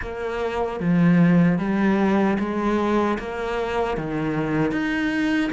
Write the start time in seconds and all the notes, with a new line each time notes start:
0.01 A#3
0.79 F3
1.58 G3
2.39 G#3
3.18 A#3
3.97 D#3
4.71 D#4